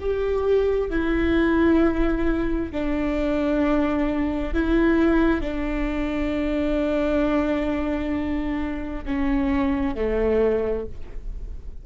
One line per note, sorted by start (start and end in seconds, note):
0.00 0.90 G4
0.90 2.72 E4
2.72 4.54 D4
4.54 5.41 E4
5.41 9.05 D4
9.05 9.95 C#4
9.95 10.86 A3